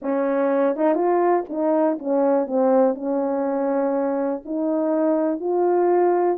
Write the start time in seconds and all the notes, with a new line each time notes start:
0.02 C#4
0.76 D#4
0.95 F4
1.49 D#4
1.99 C#4
2.46 C4
2.94 C#4
4.45 D#4
5.39 F4